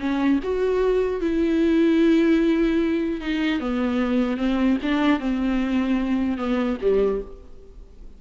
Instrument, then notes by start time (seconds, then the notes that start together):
viola
0.00 C#4
0.44 F#4
1.21 E4
3.21 D#4
3.60 B3
4.38 C4
4.83 D4
5.20 C4
6.38 B3
6.81 G3